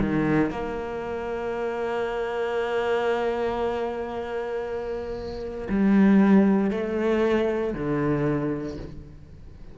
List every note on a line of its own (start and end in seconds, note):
0.00 0.51 D#3
0.51 5.68 A#3
5.69 6.71 G3
6.71 7.74 A3
7.74 8.77 D3